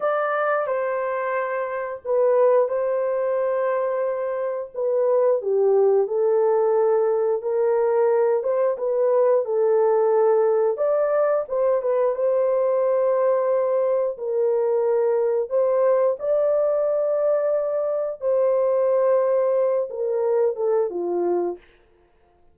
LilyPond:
\new Staff \with { instrumentName = "horn" } { \time 4/4 \tempo 4 = 89 d''4 c''2 b'4 | c''2. b'4 | g'4 a'2 ais'4~ | ais'8 c''8 b'4 a'2 |
d''4 c''8 b'8 c''2~ | c''4 ais'2 c''4 | d''2. c''4~ | c''4. ais'4 a'8 f'4 | }